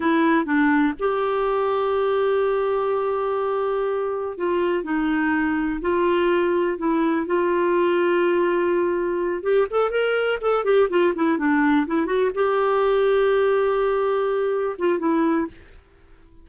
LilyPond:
\new Staff \with { instrumentName = "clarinet" } { \time 4/4 \tempo 4 = 124 e'4 d'4 g'2~ | g'1~ | g'4 f'4 dis'2 | f'2 e'4 f'4~ |
f'2.~ f'8 g'8 | a'8 ais'4 a'8 g'8 f'8 e'8 d'8~ | d'8 e'8 fis'8 g'2~ g'8~ | g'2~ g'8 f'8 e'4 | }